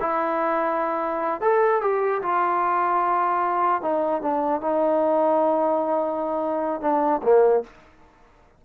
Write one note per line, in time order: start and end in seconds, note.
0.00 1.41 E4
1.41 1.81 A4
1.81 2.21 G4
2.22 3.81 F4
3.81 4.21 D#4
4.21 4.61 D4
4.61 6.81 D#4
6.81 7.21 D4
7.23 7.63 A#3